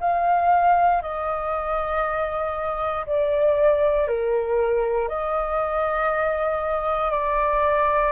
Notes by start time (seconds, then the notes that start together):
0.00 F5
1.02 D#5
3.06 D5
4.07 A#4
5.08 D#5
7.10 D5